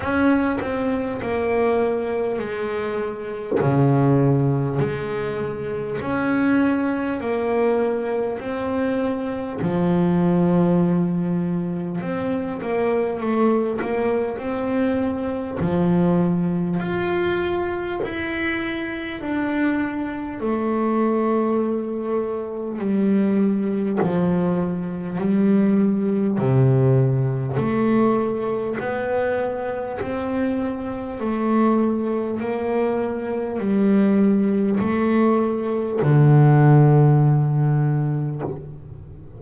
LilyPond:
\new Staff \with { instrumentName = "double bass" } { \time 4/4 \tempo 4 = 50 cis'8 c'8 ais4 gis4 cis4 | gis4 cis'4 ais4 c'4 | f2 c'8 ais8 a8 ais8 | c'4 f4 f'4 e'4 |
d'4 a2 g4 | f4 g4 c4 a4 | b4 c'4 a4 ais4 | g4 a4 d2 | }